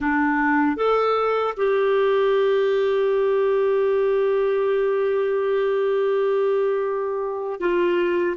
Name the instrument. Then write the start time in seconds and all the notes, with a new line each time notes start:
clarinet
0.00 D4
0.76 A4
1.56 G4
7.60 F4